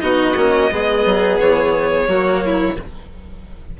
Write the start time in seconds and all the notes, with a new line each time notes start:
0.00 B3 D#4 F#4 D#5
0.36 A#3 C#4
0.71 G#3 B3 G#4
1.05 F#3
1.40 E3 C#5
2.07 F#3 A#3 F#4
2.45 E4